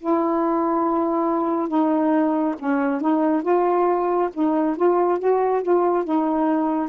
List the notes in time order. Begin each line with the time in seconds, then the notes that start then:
0.00 E4
1.68 D#4
2.59 C#4
3.01 D#4
3.43 F4
4.34 D#4
4.76 F4
5.19 F#4
5.63 F4
6.04 D#4